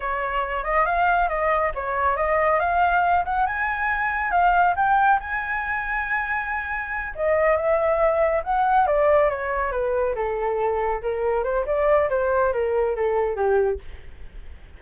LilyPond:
\new Staff \with { instrumentName = "flute" } { \time 4/4 \tempo 4 = 139 cis''4. dis''8 f''4 dis''4 | cis''4 dis''4 f''4. fis''8 | gis''2 f''4 g''4 | gis''1~ |
gis''8 dis''4 e''2 fis''8~ | fis''8 d''4 cis''4 b'4 a'8~ | a'4. ais'4 c''8 d''4 | c''4 ais'4 a'4 g'4 | }